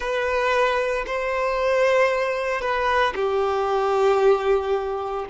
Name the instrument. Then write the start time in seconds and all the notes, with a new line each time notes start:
violin
0.00 B4
1.06 C5
2.61 B4
3.15 G4